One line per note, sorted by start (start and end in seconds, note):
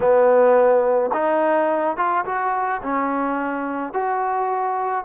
0.00 1.11 B3
1.13 1.97 D#4
1.97 2.25 F4
2.25 2.81 F#4
2.82 3.93 C#4
3.93 5.04 F#4